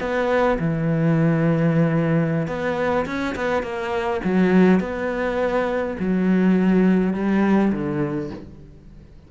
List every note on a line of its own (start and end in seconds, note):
0.00 0.58 B3
0.59 2.47 E3
2.47 3.06 B3
3.06 3.35 C#4
3.36 3.63 B3
3.63 4.21 A#3
4.25 4.80 F#3
4.80 5.97 B3
5.99 7.14 F#3
7.14 7.72 G3
7.72 8.31 D3